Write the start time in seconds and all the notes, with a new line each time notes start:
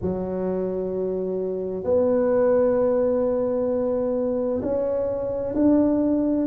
0.01 F#3
1.84 B3
4.62 C#4
5.55 D4